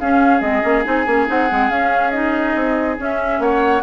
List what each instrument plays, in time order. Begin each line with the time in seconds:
0.00 bassoon C#4, clarinet C#4, oboe G#4, flute F5
0.41 bassoon G#3, clarinet C4, flute D#5
0.62 bassoon A#3, clarinet C#4
0.84 bassoon C4, clarinet D#4, flute G#5
1.07 bassoon A#3, clarinet C#4
1.27 bassoon C4, clarinet D#4, flute F#5
1.50 bassoon G#3, clarinet C4
1.70 bassoon C#4, clarinet C#4, flute F5
2.11 clarinet D#4, flute D#5
2.55 bassoon C4
2.98 clarinet C#4, bassoon C#4, flute E5
3.40 bassoon A#3, oboe C#5, flute F#5